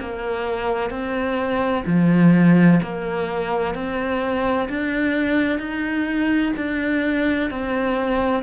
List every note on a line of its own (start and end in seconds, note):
0.00 0.90 A#3
0.90 1.84 C4
1.86 2.80 F3
2.83 3.75 A#3
3.75 4.68 C4
4.69 5.59 D4
5.59 6.53 D#4
6.57 7.50 D4
7.50 8.43 C4